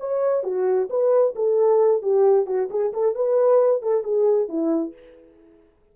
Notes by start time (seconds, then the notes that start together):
0.00 C#5
0.44 F#4
0.90 B4
1.36 A4
2.02 G4
2.47 F#4
2.70 G#4
2.93 A4
3.15 B4
3.82 A4
4.04 G#4
4.49 E4